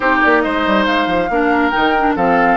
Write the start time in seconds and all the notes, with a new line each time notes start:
0.00 C4 D#4 G4 C5
0.22 A#3 D5
0.41 G#3 C5 D#5
0.66 G3
0.85 G#3 F5
1.06 F3
1.29 A#3 D4 A#4
1.70 D#3 D#4 G5
1.99 D4
2.15 F3 C4 A4 F5